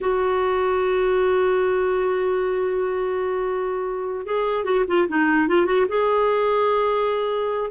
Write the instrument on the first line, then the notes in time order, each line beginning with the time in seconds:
clarinet
0.00 F#4
4.26 G#4
4.64 F#4
4.87 F4
5.08 D#4
5.48 F4
5.66 F#4
5.88 G#4